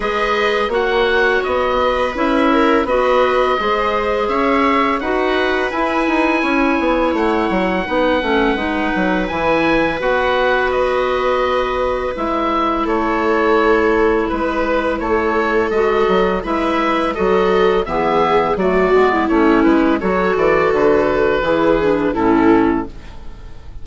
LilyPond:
<<
  \new Staff \with { instrumentName = "oboe" } { \time 4/4 \tempo 4 = 84 dis''4 fis''4 dis''4 e''4 | dis''2 e''4 fis''4 | gis''2 fis''2~ | fis''4 gis''4 fis''4 dis''4~ |
dis''4 e''4 cis''2 | b'4 cis''4 dis''4 e''4 | dis''4 e''4 d''4 cis''8 b'8 | cis''8 d''8 b'2 a'4 | }
  \new Staff \with { instrumentName = "viola" } { \time 4/4 b'4 cis''4. b'4 ais'8 | b'4 c''4 cis''4 b'4~ | b'4 cis''2 b'4~ | b'1~ |
b'2 a'2 | b'4 a'2 b'4 | a'4 gis'4 fis'8. e'4~ e'16 | a'2 gis'4 e'4 | }
  \new Staff \with { instrumentName = "clarinet" } { \time 4/4 gis'4 fis'2 e'4 | fis'4 gis'2 fis'4 | e'2. dis'8 cis'8 | dis'4 e'4 fis'2~ |
fis'4 e'2.~ | e'2 fis'4 e'4 | fis'4 b4 a8 b8 cis'4 | fis'2 e'8 d'8 cis'4 | }
  \new Staff \with { instrumentName = "bassoon" } { \time 4/4 gis4 ais4 b4 cis'4 | b4 gis4 cis'4 dis'4 | e'8 dis'8 cis'8 b8 a8 fis8 b8 a8 | gis8 fis8 e4 b2~ |
b4 gis4 a2 | gis4 a4 gis8 fis8 gis4 | fis4 e4 fis8 gis8 a8 gis8 | fis8 e8 d4 e4 a,4 | }
>>